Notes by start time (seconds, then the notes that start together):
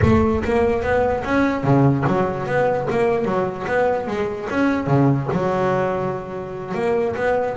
0.01 A3
0.44 A#3
0.82 B3
1.24 C#4
1.63 C#3
2.07 F#3
2.46 B3
2.90 A#3
3.24 F#3
3.67 B3
4.07 G#3
4.50 C#4
4.86 C#3
5.32 F#3
6.74 A#3
7.16 B3